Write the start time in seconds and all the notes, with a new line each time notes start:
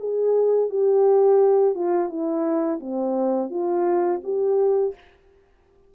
0.00 G#4
0.70 G4
1.75 F4
2.09 E4
2.80 C4
3.50 F4
4.24 G4